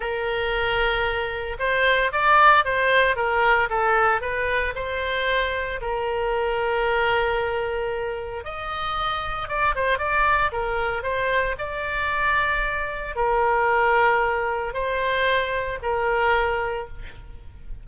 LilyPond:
\new Staff \with { instrumentName = "oboe" } { \time 4/4 \tempo 4 = 114 ais'2. c''4 | d''4 c''4 ais'4 a'4 | b'4 c''2 ais'4~ | ais'1 |
dis''2 d''8 c''8 d''4 | ais'4 c''4 d''2~ | d''4 ais'2. | c''2 ais'2 | }